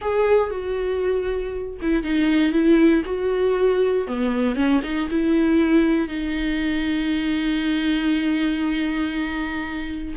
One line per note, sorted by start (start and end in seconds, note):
0.01 0.50 G#4
0.50 1.77 F#4
1.81 2.03 E4
2.03 2.52 D#4
2.52 3.03 E4
3.05 4.07 F#4
4.07 4.55 B3
4.55 4.81 C#4
4.83 5.08 D#4
5.10 6.08 E4
6.08 10.14 D#4